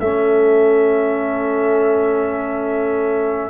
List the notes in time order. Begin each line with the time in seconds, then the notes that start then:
0.00 A3 C#4 A4 E5